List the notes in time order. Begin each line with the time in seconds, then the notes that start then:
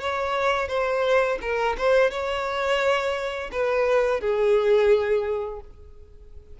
0.00 C#5
0.68 C5
1.41 A#4
1.78 C5
2.11 C#5
3.51 B4
4.21 G#4